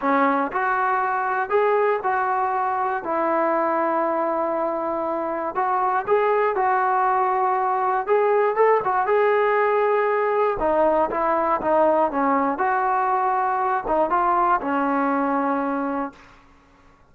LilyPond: \new Staff \with { instrumentName = "trombone" } { \time 4/4 \tempo 4 = 119 cis'4 fis'2 gis'4 | fis'2 e'2~ | e'2. fis'4 | gis'4 fis'2. |
gis'4 a'8 fis'8 gis'2~ | gis'4 dis'4 e'4 dis'4 | cis'4 fis'2~ fis'8 dis'8 | f'4 cis'2. | }